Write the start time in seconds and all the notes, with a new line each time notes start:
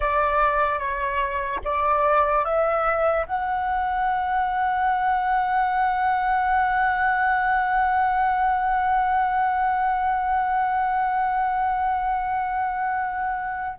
0.00 D5
0.78 C#5
1.64 D5
2.44 E5
3.26 F#5